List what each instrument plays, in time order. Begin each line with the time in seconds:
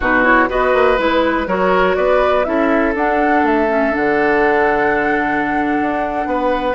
0.00 bassoon B2, clarinet D#4, oboe F#4, flute B4
0.23 clarinet E4, flute C#5
0.49 bassoon B3, clarinet F#4, oboe B4, flute D#5
0.73 bassoon A#3
0.97 bassoon G#3, clarinet E4, flute B4
1.46 bassoon F#3, clarinet F#4, oboe A#4, flute C#5
1.95 bassoon B3, oboe B4, flute D5
2.44 bassoon C#4, clarinet E4, oboe A4, flute E5
2.94 bassoon D4, clarinet D4, flute F#5
3.43 bassoon A3, flute E5
3.68 clarinet C#4
3.90 bassoon D3, clarinet D4, flute F#5
5.80 bassoon D4
6.26 bassoon B3, oboe B4